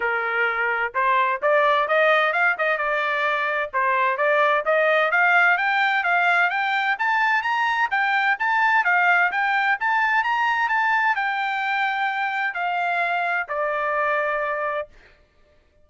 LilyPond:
\new Staff \with { instrumentName = "trumpet" } { \time 4/4 \tempo 4 = 129 ais'2 c''4 d''4 | dis''4 f''8 dis''8 d''2 | c''4 d''4 dis''4 f''4 | g''4 f''4 g''4 a''4 |
ais''4 g''4 a''4 f''4 | g''4 a''4 ais''4 a''4 | g''2. f''4~ | f''4 d''2. | }